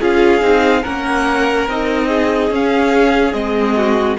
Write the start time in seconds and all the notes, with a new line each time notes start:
0.00 C#4 F4 G#4 F5
0.41 C4 D#4
0.82 A#3 C#4 A#4 F#5
1.67 C4 D#4 D#5
2.07 G#4
2.50 C#4 F5
3.32 G#3 C4 D#5
3.76 F#4